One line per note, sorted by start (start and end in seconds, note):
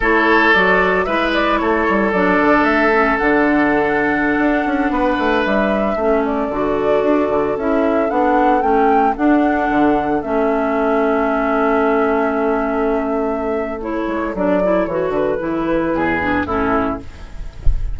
0.00 0.53 A3
0.00 0.54 E4
0.00 1.05 A4
0.00 0.53 C#5
0.53 1.07 F#3
0.53 1.07 F#4
0.53 1.04 D5
1.04 1.60 G#3
1.04 2.13 E4
1.04 1.59 B4
1.04 1.31 E5
1.33 1.57 D5
1.57 1.87 A3
1.57 4.92 A4
1.57 2.10 C#5
1.89 2.13 G3
2.12 2.39 F#3
2.12 2.92 D4
2.12 2.63 D5
2.40 2.62 D3
2.62 3.15 A3
2.62 3.17 E5
2.92 3.19 C#4
3.17 4.37 D3
3.17 5.98 D4
3.17 5.43 F#5
4.37 4.64 D4
4.65 4.90 C#4
4.90 5.16 B3
4.90 5.97 B4
5.18 5.45 A3
5.43 5.95 G3
5.43 6.23 E5
5.95 6.48 A3
5.95 6.52 C#4
5.95 15.93 A4
6.25 7.58 D5
6.49 7.02 D3
6.49 7.58 F#4
7.02 7.29 D4
7.29 7.56 D3
7.56 8.09 C#4
7.56 8.09 E4
7.56 8.09 E5
8.09 8.62 B3
8.09 8.61 D4
8.09 8.62 F#5
8.61 9.15 A3
8.61 9.14 C#4
8.61 9.15 G5
9.16 10.22 D4
9.16 9.69 D4
9.16 10.21 F#5
9.69 10.22 D3
10.21 14.07 A3
10.21 13.80 C#4
10.21 13.79 E5
13.80 14.34 E4
13.80 14.35 C#5
14.07 14.33 G#3
14.34 14.87 F#3
14.34 14.62 D4
14.34 14.85 D5
14.63 14.89 E4
14.85 15.09 E3
14.85 15.38 F#4
14.85 15.12 C#5
15.09 15.36 D3
15.09 16.45 B4
15.38 15.93 E3
15.38 16.18 E4
15.93 16.45 E2
15.93 16.46 G#4
16.20 16.46 D4
16.45 16.98 A2
16.45 16.99 C#4
16.45 16.99 E4
16.45 16.98 A4